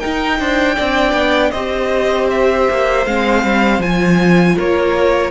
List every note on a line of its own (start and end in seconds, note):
0.00 0.76 D#4
0.00 0.40 D#4
0.00 0.38 A#4
0.00 1.51 G5
0.40 0.78 D4
0.40 0.76 C5
0.76 1.13 C4
0.76 1.55 D4
0.76 1.52 D5
1.13 1.51 B3
1.51 2.68 C4
1.51 3.07 G4
1.51 4.56 C5
1.51 2.27 D#5
2.31 3.06 E5
2.70 3.06 A#3
3.06 3.44 G#3
3.06 3.83 C4
3.06 3.82 F5
3.44 3.79 G3
3.79 4.55 F3
3.79 5.31 F4
3.79 4.58 G#5
4.57 5.31 A#3
4.57 5.31 A#4
4.57 5.31 C#5